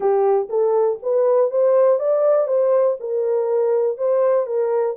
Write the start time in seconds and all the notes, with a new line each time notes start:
0.00 G4
0.49 A4
1.02 B4
1.50 C5
1.99 D5
2.47 C5
3.00 A#4
3.97 C5
4.46 A#4